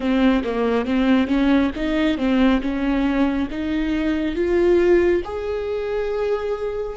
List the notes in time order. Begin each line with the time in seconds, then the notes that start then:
0.00 C4
0.43 A#3
0.85 C4
1.27 C#4
1.75 D#4
2.17 C4
2.61 C#4
3.50 D#4
4.35 F4
5.24 G#4